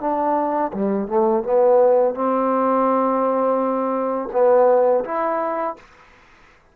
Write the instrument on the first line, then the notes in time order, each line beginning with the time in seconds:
trombone
0.00 D4
0.73 G3
1.07 A3
1.44 B3
2.15 C4
4.33 B3
5.05 E4